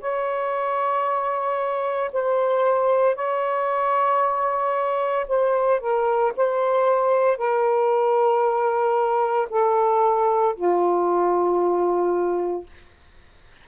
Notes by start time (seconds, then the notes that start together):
0.00 C#5
2.12 C5
3.15 C#5
5.27 C5
5.80 A#4
6.36 C5
7.37 A#4
9.50 A4
10.56 F4